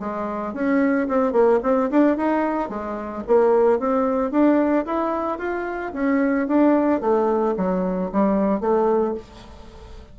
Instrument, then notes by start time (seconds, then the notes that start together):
bassoon
0.00 G#3
0.54 C#4
1.09 C4
1.33 A#3
1.63 C4
1.91 D4
2.17 D#4
2.70 G#3
3.28 A#3
3.80 C4
4.32 D4
4.86 E4
5.39 F4
5.94 C#4
6.48 D4
7.01 A3
7.57 F#3
8.12 G3
8.61 A3